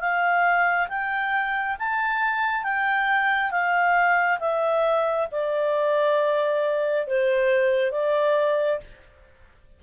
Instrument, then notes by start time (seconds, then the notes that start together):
clarinet
0.00 F5
0.89 G5
1.79 A5
2.64 G5
3.51 F5
4.40 E5
5.31 D5
7.07 C5
7.92 D5